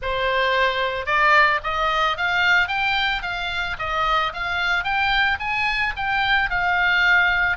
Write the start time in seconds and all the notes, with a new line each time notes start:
0.01 C5
1.05 D5
1.63 D#5
2.17 F5
2.68 G5
3.22 F5
3.78 D#5
4.33 F5
4.84 G5
5.39 G#5
5.96 G5
6.50 F5